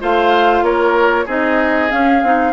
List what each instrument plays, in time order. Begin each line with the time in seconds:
0.00 bassoon A3, clarinet F4, oboe C5, flute F5
0.62 bassoon A#3, oboe A#4, flute C#5
1.25 bassoon C4, clarinet D#4, oboe G#4, flute D#5
1.89 clarinet C#4, bassoon C#4, flute F5
2.23 bassoon C4, clarinet D#4